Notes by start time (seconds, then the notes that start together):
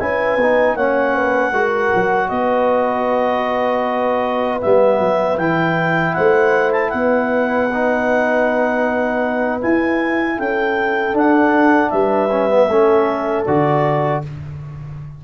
0.00 C#4 E4 B4 G#5
0.37 B3 D#4
0.76 A#3 C#4 C#5 F#5
1.15 B4
1.50 G#3 F#4 A#4
1.95 F#3
2.29 B3 B4 D#5
4.61 G3 B3 E5
5.00 F#3
5.38 E3 E4 G5
6.14 A3 C5 F#5
6.72 A5
6.90 B3 B4 F#5
7.73 D#4
9.61 E4 G#5
10.37 C#4 A4 G5
11.13 D4 F#5
11.90 G3 B4 E5
12.31 C#4
12.50 B3
12.68 A3 C#4 A4
13.45 D3 F#4 D5